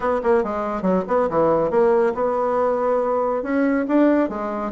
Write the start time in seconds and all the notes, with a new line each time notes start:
0.00 B3
0.23 A#3
0.43 G#3
0.82 F#3
1.07 B3
1.29 E3
1.70 A#3
2.14 B3
3.42 C#4
3.87 D4
4.29 G#3